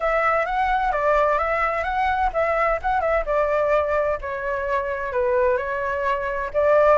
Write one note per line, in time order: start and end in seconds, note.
0.00 0.45 E5
0.45 0.92 F#5
0.92 1.38 D5
1.38 1.83 E5
1.83 2.30 F#5
2.33 2.79 E5
2.81 3.00 F#5
3.00 3.23 E5
3.25 4.18 D5
4.21 5.12 C#5
5.12 5.57 B4
5.57 6.50 C#5
6.53 6.98 D5